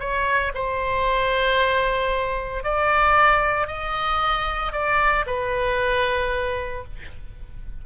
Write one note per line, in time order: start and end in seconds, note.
0.00 0.53 C#5
0.55 2.64 C5
2.64 3.67 D5
3.67 4.73 D#5
4.73 5.25 D5
5.27 6.84 B4